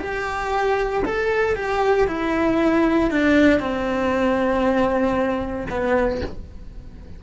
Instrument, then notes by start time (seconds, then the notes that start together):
cello
0.00 G4
1.05 A4
1.56 G4
2.08 E4
3.11 D4
3.60 C4
5.70 B3